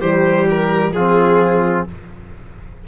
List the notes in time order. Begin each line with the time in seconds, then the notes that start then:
0.00 E3 G3 G4 C5
0.49 A#4
0.92 F3 C4 F4 G#4